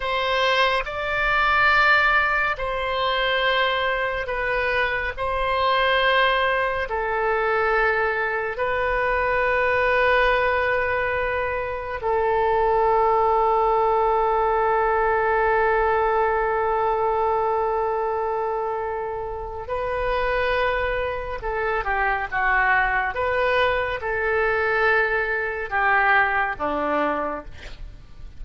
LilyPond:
\new Staff \with { instrumentName = "oboe" } { \time 4/4 \tempo 4 = 70 c''4 d''2 c''4~ | c''4 b'4 c''2 | a'2 b'2~ | b'2 a'2~ |
a'1~ | a'2. b'4~ | b'4 a'8 g'8 fis'4 b'4 | a'2 g'4 d'4 | }